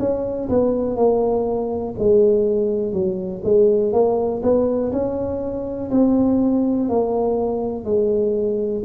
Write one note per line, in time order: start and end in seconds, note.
0.00 0.49 C#4
0.50 0.97 B3
0.97 1.95 A#3
1.99 2.93 G#3
2.93 3.42 F#3
3.44 3.93 G#3
3.93 4.42 A#3
4.43 4.92 B3
4.93 5.91 C#4
5.92 6.89 C4
6.89 7.85 A#3
7.85 8.83 G#3